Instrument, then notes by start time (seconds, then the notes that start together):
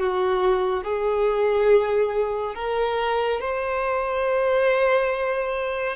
violin
0.00 F#4
0.84 G#4
2.56 A#4
3.41 C5